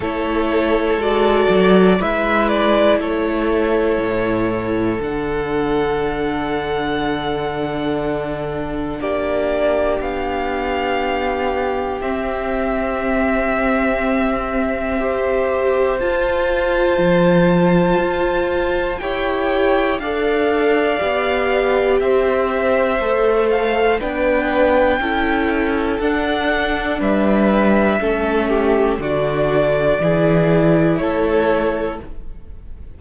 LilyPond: <<
  \new Staff \with { instrumentName = "violin" } { \time 4/4 \tempo 4 = 60 cis''4 d''4 e''8 d''8 cis''4~ | cis''4 fis''2.~ | fis''4 d''4 f''2 | e''1 |
a''2. g''4 | f''2 e''4. f''8 | g''2 fis''4 e''4~ | e''4 d''2 cis''4 | }
  \new Staff \with { instrumentName = "violin" } { \time 4/4 a'2 b'4 a'4~ | a'1~ | a'4 g'2.~ | g'2. c''4~ |
c''2. cis''4 | d''2 c''2 | b'4 a'2 b'4 | a'8 g'8 fis'4 gis'4 a'4 | }
  \new Staff \with { instrumentName = "viola" } { \time 4/4 e'4 fis'4 e'2~ | e'4 d'2.~ | d'1 | c'2. g'4 |
f'2. g'4 | a'4 g'2 a'4 | d'4 e'4 d'2 | cis'4 d'4 e'2 | }
  \new Staff \with { instrumentName = "cello" } { \time 4/4 a4 gis8 fis8 gis4 a4 | a,4 d2.~ | d4 ais4 b2 | c'1 |
f'4 f4 f'4 e'4 | d'4 b4 c'4 a4 | b4 cis'4 d'4 g4 | a4 d4 e4 a4 | }
>>